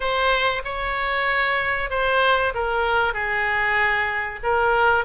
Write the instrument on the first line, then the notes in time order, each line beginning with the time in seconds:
oboe
0.00 C5
0.64 C#5
1.90 C5
2.54 A#4
3.13 G#4
4.43 A#4